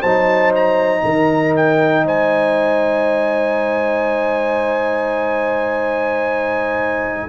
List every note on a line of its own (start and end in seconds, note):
0.00 1.02 F#3
0.00 7.28 D#4
0.00 1.00 C5
0.00 0.51 A5
0.55 1.55 A#5
1.03 2.03 D#3
1.03 2.04 A#4
1.56 2.06 G5
2.04 7.28 G#3
2.04 7.28 C5
2.04 7.28 G#5